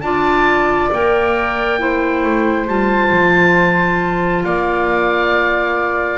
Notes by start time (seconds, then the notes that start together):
0.00 D4 F4 D5 A5
0.92 A#3 A#4 G5
1.79 E4 C5
2.24 A3
2.67 G3 F4 A5
3.12 F3
4.44 A#3 D5 F5